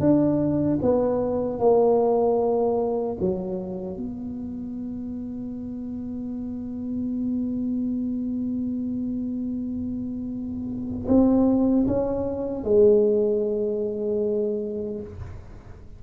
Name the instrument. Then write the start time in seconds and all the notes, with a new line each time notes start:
tuba
0.00 D4
0.82 B3
1.59 A#3
3.20 F#3
3.97 B3
11.08 C4
11.87 C#4
12.64 G#3